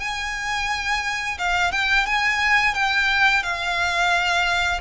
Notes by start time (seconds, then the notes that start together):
0.00 G#5
1.38 F5
1.72 G5
2.06 G#5
2.74 G5
3.43 F5